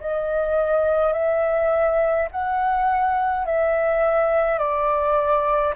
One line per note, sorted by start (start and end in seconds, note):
0.00 1.13 D#5
1.13 2.28 E5
2.31 3.45 F#5
3.45 4.58 E5
4.58 5.74 D5